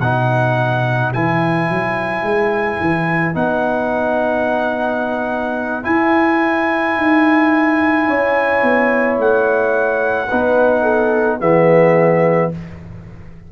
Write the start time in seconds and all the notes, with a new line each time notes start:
0.00 B2 D#4 B4 F#5
1.13 E3 E4 G#5
1.69 F#3
2.22 G#3
2.80 E3
3.34 B3 D#4 F#5
5.83 E4 G#5
6.97 D#4
8.07 C#4 C#5
8.62 B3
9.18 A3 F#5
10.30 B3 D#4 B4
10.82 A4
11.40 E3 B3 G#4 E5